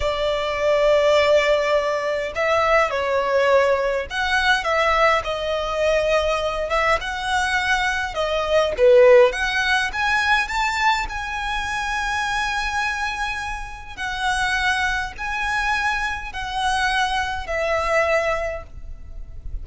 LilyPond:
\new Staff \with { instrumentName = "violin" } { \time 4/4 \tempo 4 = 103 d''1 | e''4 cis''2 fis''4 | e''4 dis''2~ dis''8 e''8 | fis''2 dis''4 b'4 |
fis''4 gis''4 a''4 gis''4~ | gis''1 | fis''2 gis''2 | fis''2 e''2 | }